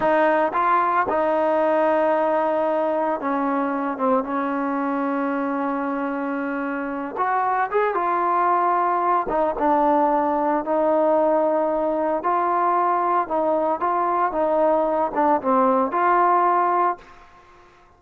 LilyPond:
\new Staff \with { instrumentName = "trombone" } { \time 4/4 \tempo 4 = 113 dis'4 f'4 dis'2~ | dis'2 cis'4. c'8 | cis'1~ | cis'4. fis'4 gis'8 f'4~ |
f'4. dis'8 d'2 | dis'2. f'4~ | f'4 dis'4 f'4 dis'4~ | dis'8 d'8 c'4 f'2 | }